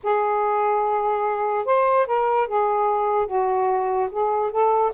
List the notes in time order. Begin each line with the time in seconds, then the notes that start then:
0.03 G#4
1.65 C5
2.06 A#4
2.47 G#4
3.27 F#4
4.11 G#4
4.51 A4